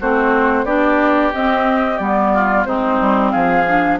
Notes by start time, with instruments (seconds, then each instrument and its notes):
0.00 bassoon A3, clarinet C4, oboe F#4, flute C5
0.64 bassoon B3, clarinet D4, oboe G4, flute D5
1.33 clarinet C4, bassoon C4, flute D#5
1.97 bassoon G3, clarinet B3, flute D5
2.33 oboe F4
2.65 bassoon G#3, clarinet C4, oboe D#4, flute C5
3.00 bassoon G3
3.30 bassoon F3, oboe G#4, flute F5
3.67 clarinet D4